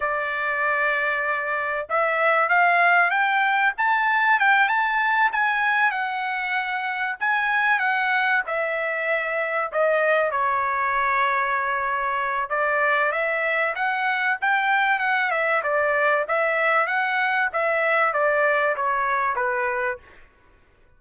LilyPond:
\new Staff \with { instrumentName = "trumpet" } { \time 4/4 \tempo 4 = 96 d''2. e''4 | f''4 g''4 a''4 g''8 a''8~ | a''8 gis''4 fis''2 gis''8~ | gis''8 fis''4 e''2 dis''8~ |
dis''8 cis''2.~ cis''8 | d''4 e''4 fis''4 g''4 | fis''8 e''8 d''4 e''4 fis''4 | e''4 d''4 cis''4 b'4 | }